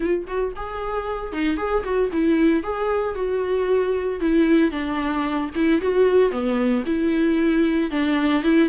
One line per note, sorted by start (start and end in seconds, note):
0.00 0.25 F4
0.27 0.53 F#4
0.56 1.32 G#4
1.32 1.57 D#4
1.57 1.83 G#4
1.83 2.10 F#4
2.12 2.63 E4
2.63 3.15 G#4
3.15 4.20 F#4
4.20 4.71 E4
4.71 5.50 D4
5.55 5.81 E4
5.81 6.31 F#4
6.31 6.83 B3
6.86 7.91 E4
7.91 8.43 D4
8.43 8.69 E4